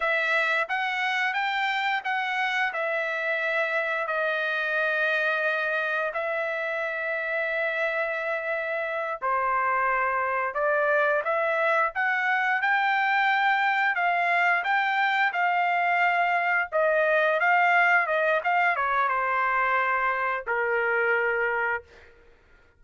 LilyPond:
\new Staff \with { instrumentName = "trumpet" } { \time 4/4 \tempo 4 = 88 e''4 fis''4 g''4 fis''4 | e''2 dis''2~ | dis''4 e''2.~ | e''4. c''2 d''8~ |
d''8 e''4 fis''4 g''4.~ | g''8 f''4 g''4 f''4.~ | f''8 dis''4 f''4 dis''8 f''8 cis''8 | c''2 ais'2 | }